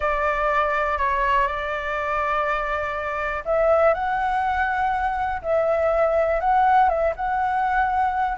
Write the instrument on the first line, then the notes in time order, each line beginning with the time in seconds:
flute
0.00 D5
0.98 C#5
1.47 D5
3.45 E5
3.94 F#5
5.42 E5
6.40 F#5
6.89 E5
7.16 F#5